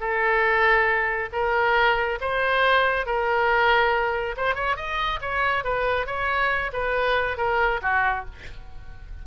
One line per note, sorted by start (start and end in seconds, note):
0.00 1.29 A4
1.33 2.19 A#4
2.21 3.06 C5
3.06 4.36 A#4
4.37 4.55 C5
4.55 4.76 C#5
4.77 5.20 D#5
5.21 5.64 C#5
5.64 6.06 B4
6.06 6.71 C#5
6.73 7.38 B4
7.38 7.81 A#4
7.82 8.25 F#4